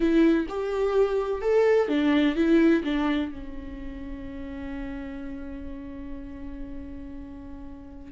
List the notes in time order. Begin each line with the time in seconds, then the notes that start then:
0.00 E4
0.49 G4
1.41 A4
1.88 D4
2.35 E4
2.84 D4
3.31 C#4